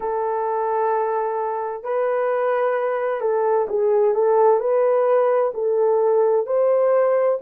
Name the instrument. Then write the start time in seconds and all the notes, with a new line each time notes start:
horn
0.00 A4
1.83 B4
3.21 A4
3.68 G#4
4.14 A4
4.59 B4
5.54 A4
6.46 C5